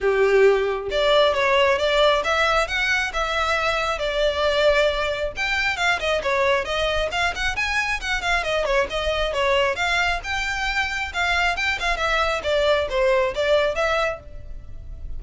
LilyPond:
\new Staff \with { instrumentName = "violin" } { \time 4/4 \tempo 4 = 135 g'2 d''4 cis''4 | d''4 e''4 fis''4 e''4~ | e''4 d''2. | g''4 f''8 dis''8 cis''4 dis''4 |
f''8 fis''8 gis''4 fis''8 f''8 dis''8 cis''8 | dis''4 cis''4 f''4 g''4~ | g''4 f''4 g''8 f''8 e''4 | d''4 c''4 d''4 e''4 | }